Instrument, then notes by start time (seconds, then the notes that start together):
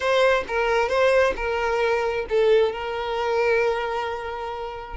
violin
0.00 C5
0.47 A#4
0.88 C5
1.35 A#4
2.29 A4
2.72 A#4